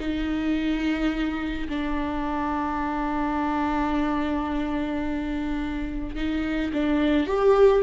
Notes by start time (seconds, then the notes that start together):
0.00 D#4
1.69 D4
6.16 D#4
6.73 D4
7.27 G4